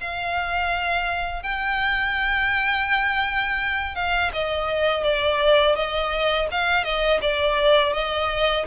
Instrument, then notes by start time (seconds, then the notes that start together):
violin
0.00 F5
1.43 G5
3.95 F5
4.33 D#5
5.03 D5
5.76 D#5
6.51 F5
6.84 D#5
7.22 D5
7.93 D#5